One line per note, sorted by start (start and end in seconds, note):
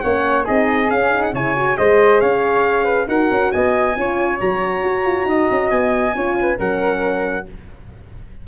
0.00 0.47 A#3
0.00 0.45 C#4
0.00 0.44 C#5
0.00 0.44 F#5
0.44 0.90 C4
0.44 0.88 D#4
0.44 1.32 G#4
0.44 0.90 D#5
0.90 1.33 C#4
0.90 1.11 C#4
0.90 1.22 F5
1.11 1.33 D#4
1.22 1.33 F#5
1.33 1.77 C#3
1.33 1.55 E4
1.33 1.77 C#5
1.33 1.77 G#5
1.55 1.77 F#4
1.77 2.21 G#3
1.77 3.07 G#4
1.77 2.21 C5
1.77 2.20 D#5
2.20 3.07 C#4
2.20 2.84 C#5
2.20 3.08 F5
2.84 3.06 B4
3.07 3.29 D#4
3.07 3.95 F#4
3.07 3.52 A#4
3.07 3.51 F#5
3.31 3.52 C#4
3.51 3.95 B3
3.51 3.96 D#5
3.51 4.39 G#5
3.95 4.39 C#4
3.95 4.38 F4
3.95 5.27 C#5
4.38 4.83 F#3
4.38 6.13 F#4
4.38 5.70 A#5
4.83 5.05 F#4
5.05 5.24 F4
5.24 5.46 D#4
5.24 6.15 D#5
5.50 5.71 C#4
5.70 6.14 B3
5.70 6.58 G#5
6.14 6.58 C#4
6.14 6.57 F4
6.14 6.37 C#5
6.41 6.58 B4
6.57 7.47 F#3
6.57 7.45 C#4
6.57 7.46 A#4
6.57 7.47 F#5